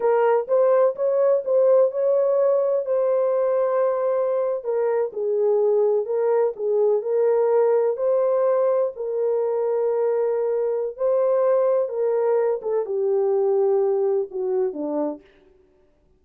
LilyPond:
\new Staff \with { instrumentName = "horn" } { \time 4/4 \tempo 4 = 126 ais'4 c''4 cis''4 c''4 | cis''2 c''2~ | c''4.~ c''16 ais'4 gis'4~ gis'16~ | gis'8. ais'4 gis'4 ais'4~ ais'16~ |
ais'8. c''2 ais'4~ ais'16~ | ais'2. c''4~ | c''4 ais'4. a'8 g'4~ | g'2 fis'4 d'4 | }